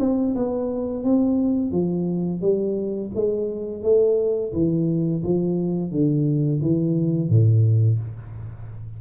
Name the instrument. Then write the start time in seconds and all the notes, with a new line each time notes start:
tuba
0.00 C4
0.36 B3
1.04 C4
1.72 F3
2.41 G3
3.15 G#3
3.83 A3
4.53 E3
5.23 F3
5.91 D3
6.62 E3
7.29 A2